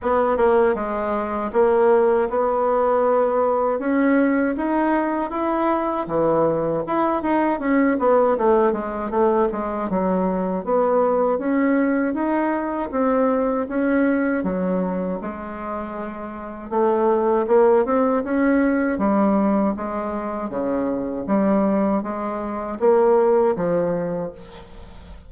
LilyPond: \new Staff \with { instrumentName = "bassoon" } { \time 4/4 \tempo 4 = 79 b8 ais8 gis4 ais4 b4~ | b4 cis'4 dis'4 e'4 | e4 e'8 dis'8 cis'8 b8 a8 gis8 | a8 gis8 fis4 b4 cis'4 |
dis'4 c'4 cis'4 fis4 | gis2 a4 ais8 c'8 | cis'4 g4 gis4 cis4 | g4 gis4 ais4 f4 | }